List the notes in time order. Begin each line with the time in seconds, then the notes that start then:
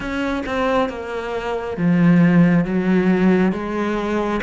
0.00 C#4
0.46 C4
0.89 A#3
1.76 F3
2.65 F#3
3.52 G#3